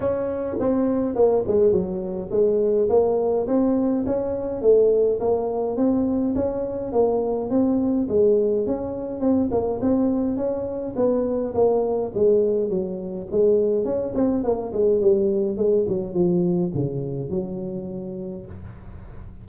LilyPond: \new Staff \with { instrumentName = "tuba" } { \time 4/4 \tempo 4 = 104 cis'4 c'4 ais8 gis8 fis4 | gis4 ais4 c'4 cis'4 | a4 ais4 c'4 cis'4 | ais4 c'4 gis4 cis'4 |
c'8 ais8 c'4 cis'4 b4 | ais4 gis4 fis4 gis4 | cis'8 c'8 ais8 gis8 g4 gis8 fis8 | f4 cis4 fis2 | }